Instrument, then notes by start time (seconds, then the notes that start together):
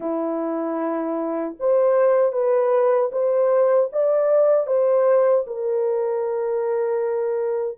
horn
0.00 E4
1.59 C5
2.32 B4
3.12 C5
3.92 D5
4.66 C5
5.46 A#4